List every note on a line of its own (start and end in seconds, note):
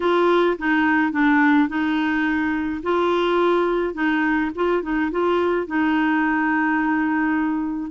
0.00 0.57 F4
0.58 1.12 D#4
1.12 1.68 D4
1.68 2.81 D#4
2.82 3.94 F4
3.94 4.50 D#4
4.55 4.82 F4
4.82 5.10 D#4
5.11 5.66 F4
5.66 7.90 D#4